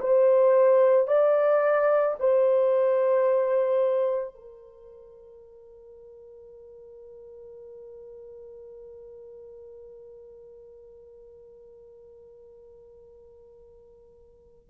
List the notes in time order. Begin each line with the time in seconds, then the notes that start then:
0.00 C5
1.08 D5
2.20 C5
4.35 A#4